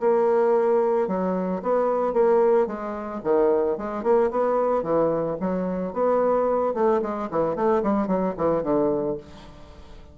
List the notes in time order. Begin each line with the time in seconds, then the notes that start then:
0.00 A#3
1.07 F#3
1.62 B3
2.13 A#3
2.67 G#3
3.23 D#3
3.77 G#3
4.03 A#3
4.30 B3
4.83 E3
5.40 F#3
5.93 B3
6.74 A3
7.02 G#3
7.30 E3
7.55 A3
7.83 G3
8.07 F#3
8.37 E3
8.63 D3